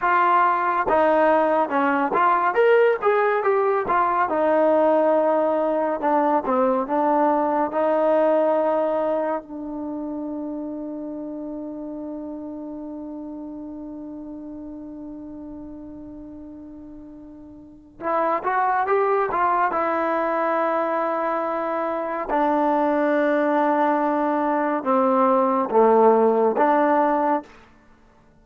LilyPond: \new Staff \with { instrumentName = "trombone" } { \time 4/4 \tempo 4 = 70 f'4 dis'4 cis'8 f'8 ais'8 gis'8 | g'8 f'8 dis'2 d'8 c'8 | d'4 dis'2 d'4~ | d'1~ |
d'1~ | d'4 e'8 fis'8 g'8 f'8 e'4~ | e'2 d'2~ | d'4 c'4 a4 d'4 | }